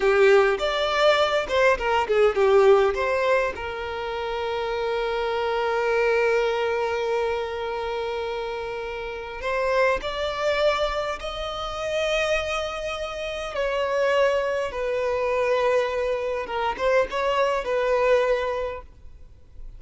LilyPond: \new Staff \with { instrumentName = "violin" } { \time 4/4 \tempo 4 = 102 g'4 d''4. c''8 ais'8 gis'8 | g'4 c''4 ais'2~ | ais'1~ | ais'1 |
c''4 d''2 dis''4~ | dis''2. cis''4~ | cis''4 b'2. | ais'8 c''8 cis''4 b'2 | }